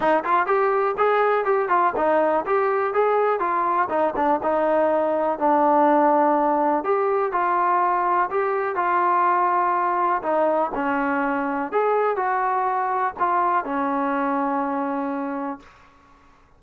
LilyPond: \new Staff \with { instrumentName = "trombone" } { \time 4/4 \tempo 4 = 123 dis'8 f'8 g'4 gis'4 g'8 f'8 | dis'4 g'4 gis'4 f'4 | dis'8 d'8 dis'2 d'4~ | d'2 g'4 f'4~ |
f'4 g'4 f'2~ | f'4 dis'4 cis'2 | gis'4 fis'2 f'4 | cis'1 | }